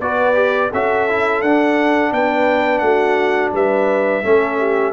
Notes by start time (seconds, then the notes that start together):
0.00 B3 F#4 B4 D5
0.34 G4
0.71 C#4 F#4 A4 E5
1.09 E4
1.41 D4 F#5
2.11 B3 B4 G5
2.78 A3 F#4 F#5
3.52 G3 B4 E5
4.23 A3 C#4 A4
4.58 G4